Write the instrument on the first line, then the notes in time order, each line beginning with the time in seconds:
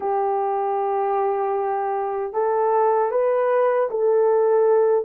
horn
0.00 G4
2.33 A4
3.11 B4
3.90 A4